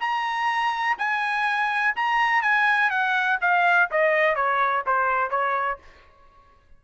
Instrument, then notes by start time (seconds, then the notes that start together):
trumpet
0.00 A#5
0.98 G#5
1.96 A#5
2.42 G#5
2.90 F#5
3.41 F5
3.91 D#5
4.35 C#5
4.86 C5
5.30 C#5